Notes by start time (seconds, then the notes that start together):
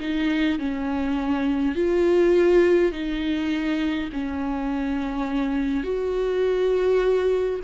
0.00 D#4
0.59 C#4
1.75 F4
2.93 D#4
4.13 C#4
5.84 F#4